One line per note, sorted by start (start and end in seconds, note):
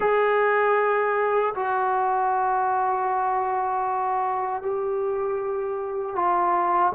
0.00 1.53 G#4
1.55 4.62 F#4
4.62 6.15 G4
6.15 6.92 F4